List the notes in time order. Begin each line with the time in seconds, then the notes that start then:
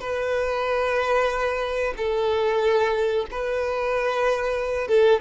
0.00 B4
1.97 A4
3.31 B4
4.88 A4